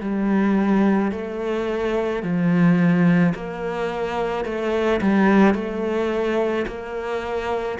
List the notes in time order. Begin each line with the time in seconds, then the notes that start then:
0.00 G3
1.12 A3
2.22 F3
3.35 A#3
4.44 A3
5.01 G3
5.55 A3
6.67 A#3